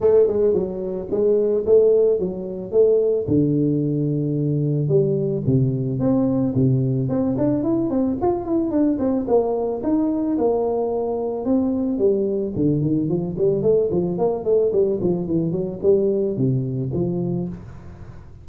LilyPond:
\new Staff \with { instrumentName = "tuba" } { \time 4/4 \tempo 4 = 110 a8 gis8 fis4 gis4 a4 | fis4 a4 d2~ | d4 g4 c4 c'4 | c4 c'8 d'8 e'8 c'8 f'8 e'8 |
d'8 c'8 ais4 dis'4 ais4~ | ais4 c'4 g4 d8 dis8 | f8 g8 a8 f8 ais8 a8 g8 f8 | e8 fis8 g4 c4 f4 | }